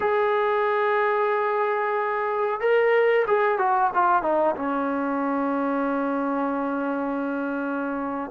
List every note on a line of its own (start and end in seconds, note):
0.00 2.60 G#4
2.60 3.25 A#4
3.27 3.58 G#4
3.58 3.90 F#4
3.93 4.22 F4
4.22 4.55 D#4
4.56 8.30 C#4